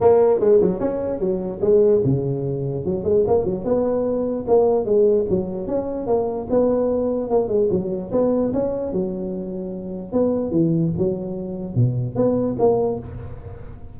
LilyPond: \new Staff \with { instrumentName = "tuba" } { \time 4/4 \tempo 4 = 148 ais4 gis8 fis8 cis'4 fis4 | gis4 cis2 fis8 gis8 | ais8 fis8 b2 ais4 | gis4 fis4 cis'4 ais4 |
b2 ais8 gis8 fis4 | b4 cis'4 fis2~ | fis4 b4 e4 fis4~ | fis4 b,4 b4 ais4 | }